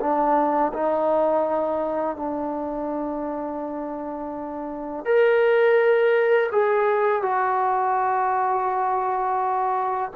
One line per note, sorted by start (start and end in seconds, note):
0.00 0.72 D4
0.73 2.16 D#4
2.16 5.05 D4
5.05 6.50 A#4
6.52 7.22 G#4
7.22 10.11 F#4